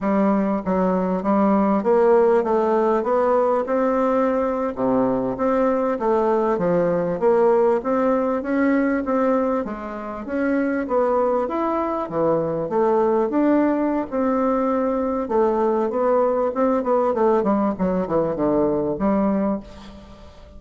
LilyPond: \new Staff \with { instrumentName = "bassoon" } { \time 4/4 \tempo 4 = 98 g4 fis4 g4 ais4 | a4 b4 c'4.~ c'16 c16~ | c8. c'4 a4 f4 ais16~ | ais8. c'4 cis'4 c'4 gis16~ |
gis8. cis'4 b4 e'4 e16~ | e8. a4 d'4~ d'16 c'4~ | c'4 a4 b4 c'8 b8 | a8 g8 fis8 e8 d4 g4 | }